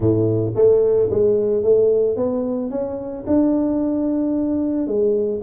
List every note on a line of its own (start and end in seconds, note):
0.00 0.53 A2
0.55 1.09 A3
1.10 1.63 G#3
1.63 2.16 A3
2.16 2.70 B3
2.70 3.24 C#4
3.26 4.87 D4
4.87 5.41 G#3